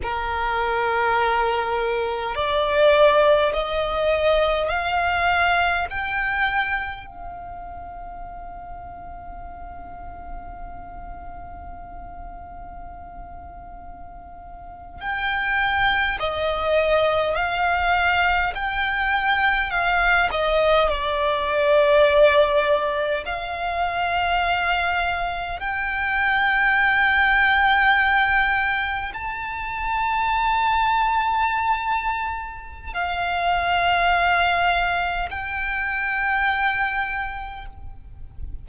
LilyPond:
\new Staff \with { instrumentName = "violin" } { \time 4/4 \tempo 4 = 51 ais'2 d''4 dis''4 | f''4 g''4 f''2~ | f''1~ | f''8. g''4 dis''4 f''4 g''16~ |
g''8. f''8 dis''8 d''2 f''16~ | f''4.~ f''16 g''2~ g''16~ | g''8. a''2.~ a''16 | f''2 g''2 | }